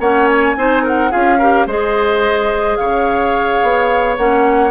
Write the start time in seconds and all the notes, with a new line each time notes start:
0.00 A#3 C#4 C#5 F#5
0.30 G#5
0.57 C4 D#4 C5
0.83 A#4 F#5
1.11 C#4 F4 G#4 F5
1.39 G4 A#4
1.67 G#3 G#4 C5 D#5
2.77 C#3 C#5 F5
3.63 B3
4.18 A#3 C#4 F#5